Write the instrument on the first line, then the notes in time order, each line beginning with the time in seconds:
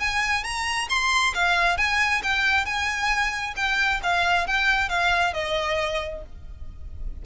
violin
0.00 G#5
0.44 A#5
0.90 C6
1.35 F5
1.78 G#5
2.23 G5
2.66 G#5
3.57 G5
4.03 F5
4.47 G5
4.89 F5
5.34 D#5